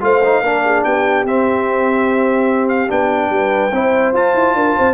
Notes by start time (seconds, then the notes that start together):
0.00 A3 F4 C5 F5
0.24 D#4
0.42 A#3 D4 A#4
0.64 G#4
0.84 B3 G4 G5
1.24 C4 E5
2.69 F5
2.88 B3 D4 G5
3.29 G3 B4
3.72 C4 E4 C5
4.13 F4 A5
4.34 E4
4.54 D4 A#4
4.76 C4 C5